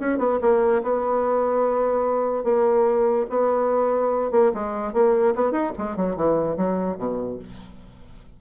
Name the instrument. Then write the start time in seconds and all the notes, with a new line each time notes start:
bassoon
0.00 C#4
0.19 B3
0.42 A#3
0.83 B3
2.44 A#3
3.30 B3
4.32 A#3
4.54 G#3
4.93 A#3
5.35 B3
5.52 D#4
5.78 G#3
5.96 F#3
6.16 E3
6.57 F#3
6.98 B2